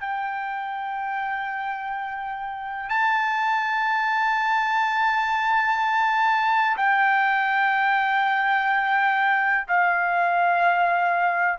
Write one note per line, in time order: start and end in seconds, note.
0.00 2.89 G5
2.89 6.77 A5
6.77 9.67 G5
9.68 11.59 F5